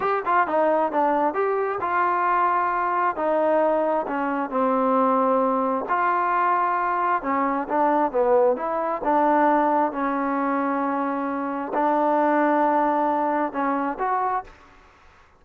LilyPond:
\new Staff \with { instrumentName = "trombone" } { \time 4/4 \tempo 4 = 133 g'8 f'8 dis'4 d'4 g'4 | f'2. dis'4~ | dis'4 cis'4 c'2~ | c'4 f'2. |
cis'4 d'4 b4 e'4 | d'2 cis'2~ | cis'2 d'2~ | d'2 cis'4 fis'4 | }